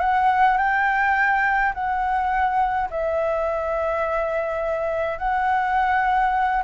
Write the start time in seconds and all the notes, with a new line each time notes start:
0.00 F#5
0.58 G5
1.74 F#5
2.90 E5
5.19 F#5